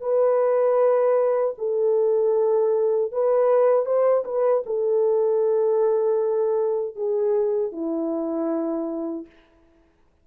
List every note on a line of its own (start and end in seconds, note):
0.00 1.54 B4
1.58 3.12 A4
3.12 3.85 B4
3.85 4.24 C5
4.24 4.63 B4
4.65 6.95 A4
6.95 7.72 G#4
7.72 9.26 E4